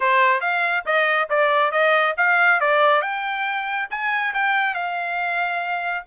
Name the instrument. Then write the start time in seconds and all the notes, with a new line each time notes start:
trumpet
0.00 C5
0.40 F5
0.85 D#5
1.29 D5
1.71 D#5
2.17 F5
2.60 D5
3.01 G5
3.90 G#5
4.33 G5
4.74 F5